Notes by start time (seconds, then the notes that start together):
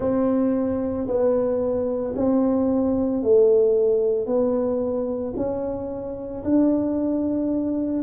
0.00 C4
1.07 B3
2.15 C4
3.22 A3
4.26 B3
5.36 C#4
6.44 D4